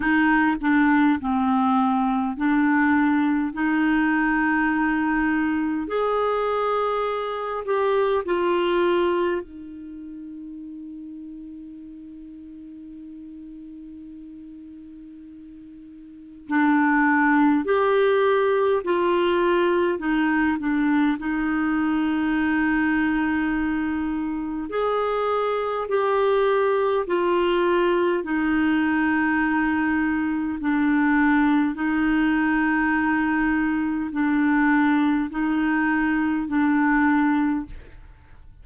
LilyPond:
\new Staff \with { instrumentName = "clarinet" } { \time 4/4 \tempo 4 = 51 dis'8 d'8 c'4 d'4 dis'4~ | dis'4 gis'4. g'8 f'4 | dis'1~ | dis'2 d'4 g'4 |
f'4 dis'8 d'8 dis'2~ | dis'4 gis'4 g'4 f'4 | dis'2 d'4 dis'4~ | dis'4 d'4 dis'4 d'4 | }